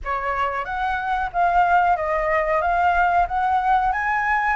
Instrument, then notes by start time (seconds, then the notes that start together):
flute
0.04 C#5
0.64 F#5
1.32 F5
1.96 D#5
2.61 F5
3.27 F#5
3.92 G#5